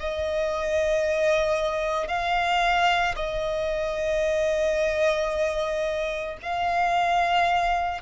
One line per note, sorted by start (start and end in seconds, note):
0.00 2.08 D#5
2.08 3.16 F5
3.17 6.38 D#5
6.43 8.02 F5